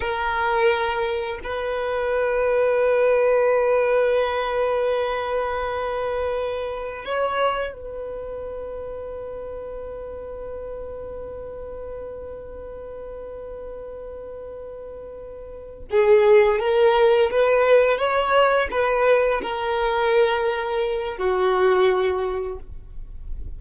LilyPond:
\new Staff \with { instrumentName = "violin" } { \time 4/4 \tempo 4 = 85 ais'2 b'2~ | b'1~ | b'2 cis''4 b'4~ | b'1~ |
b'1~ | b'2~ b'8 gis'4 ais'8~ | ais'8 b'4 cis''4 b'4 ais'8~ | ais'2 fis'2 | }